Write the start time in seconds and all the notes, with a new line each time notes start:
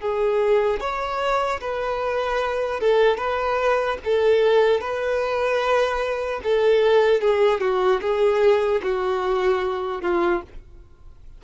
0.00 G#4
0.80 C#5
1.60 B4
2.80 A4
3.17 B4
4.04 A4
4.80 B4
6.43 A4
7.21 G#4
7.60 F#4
8.01 G#4
8.82 F#4
10.01 F4